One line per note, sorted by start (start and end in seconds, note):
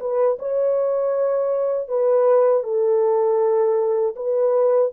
0.00 0.38 B4
0.39 1.88 C#5
1.88 2.63 B4
2.63 4.15 A4
4.16 4.92 B4